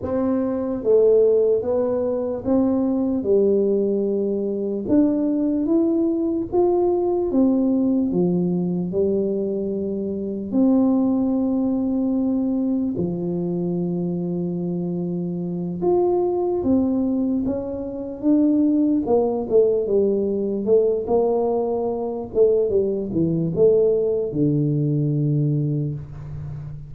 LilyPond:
\new Staff \with { instrumentName = "tuba" } { \time 4/4 \tempo 4 = 74 c'4 a4 b4 c'4 | g2 d'4 e'4 | f'4 c'4 f4 g4~ | g4 c'2. |
f2.~ f8 f'8~ | f'8 c'4 cis'4 d'4 ais8 | a8 g4 a8 ais4. a8 | g8 e8 a4 d2 | }